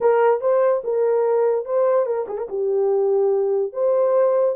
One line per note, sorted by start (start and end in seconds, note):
0.00 0.40 A#4
0.40 0.82 C5
0.84 1.65 A#4
1.65 2.05 C5
2.05 2.26 A#4
2.28 2.38 G#4
2.38 2.48 A#4
2.49 3.72 G4
3.72 4.55 C5